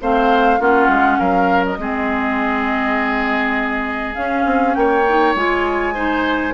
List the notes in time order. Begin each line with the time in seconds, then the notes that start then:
0.00 A3 C4 C5 F5
0.59 A#3 C#4 F4 F#5
0.88 G#3
1.18 F#3 A#4 F5
1.65 D#5
1.78 G#3 C4 G#4
4.14 C#4 F5
4.45 C4
4.74 A#3 C#5 G5
5.08 D#4
5.35 G#3 F4 G#5
5.94 D#4 C5